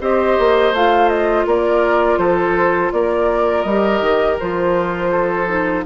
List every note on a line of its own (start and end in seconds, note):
0.00 0.37 C4
0.00 0.73 G4
0.00 1.46 C5
0.00 0.74 D#5
0.38 0.72 A#3
0.72 1.45 A3
0.72 3.67 F4
0.72 1.08 F5
1.08 1.45 D#5
1.46 2.17 A#3
1.46 2.18 A#4
1.46 2.18 D5
2.17 2.91 F3
2.17 2.92 A4
2.17 2.91 C5
2.92 3.64 A#3
2.92 5.10 A#4
2.92 3.62 D5
3.62 4.00 G3
3.62 4.40 G4
3.62 4.35 D#5
4.00 4.37 D#3
4.39 5.85 F3
4.39 5.46 F4
4.39 5.85 C5
5.10 5.84 A4
5.46 5.83 D#4